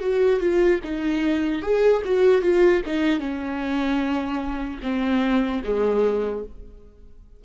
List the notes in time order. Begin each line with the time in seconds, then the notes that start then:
0.00 F#4
0.40 F4
0.84 D#4
1.62 G#4
2.05 F#4
2.41 F4
2.86 D#4
3.20 C#4
4.83 C4
5.64 G#3